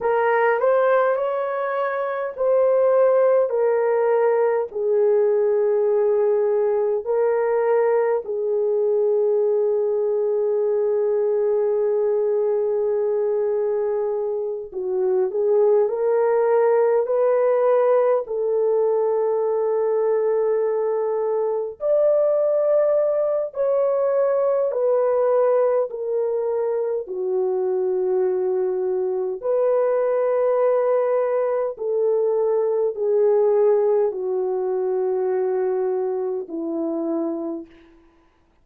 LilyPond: \new Staff \with { instrumentName = "horn" } { \time 4/4 \tempo 4 = 51 ais'8 c''8 cis''4 c''4 ais'4 | gis'2 ais'4 gis'4~ | gis'1~ | gis'8 fis'8 gis'8 ais'4 b'4 a'8~ |
a'2~ a'8 d''4. | cis''4 b'4 ais'4 fis'4~ | fis'4 b'2 a'4 | gis'4 fis'2 e'4 | }